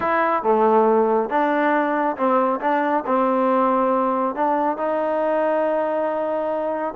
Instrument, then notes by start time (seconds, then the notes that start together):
trombone
0.00 E4
0.42 A3
1.29 D4
2.16 C4
2.60 D4
3.06 C4
4.35 D4
4.77 D#4